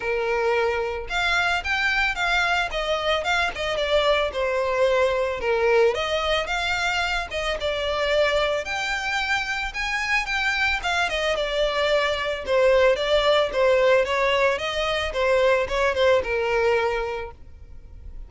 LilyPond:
\new Staff \with { instrumentName = "violin" } { \time 4/4 \tempo 4 = 111 ais'2 f''4 g''4 | f''4 dis''4 f''8 dis''8 d''4 | c''2 ais'4 dis''4 | f''4. dis''8 d''2 |
g''2 gis''4 g''4 | f''8 dis''8 d''2 c''4 | d''4 c''4 cis''4 dis''4 | c''4 cis''8 c''8 ais'2 | }